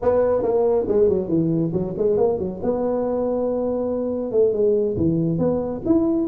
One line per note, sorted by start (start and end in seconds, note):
0.02 0.42 B3
0.42 0.85 A#3
0.88 1.09 G#3
1.09 1.28 F#3
1.28 1.71 E3
1.72 1.94 F#3
1.97 2.17 G#3
2.17 2.38 A#3
2.38 2.60 F#3
2.62 4.31 B3
4.31 4.53 A3
4.53 4.96 G#3
4.96 5.38 E3
5.38 5.81 B3
5.85 6.27 E4